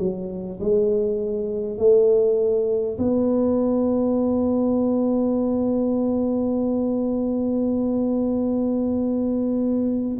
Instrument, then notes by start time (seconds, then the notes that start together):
tuba
0.00 F#3
0.61 G#3
1.78 A3
2.98 B3